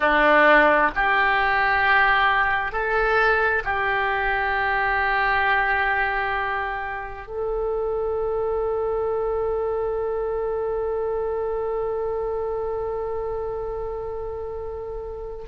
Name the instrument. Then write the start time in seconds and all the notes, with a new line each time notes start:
oboe
0.00 D4
0.95 G4
2.71 A4
3.64 G4
7.27 A4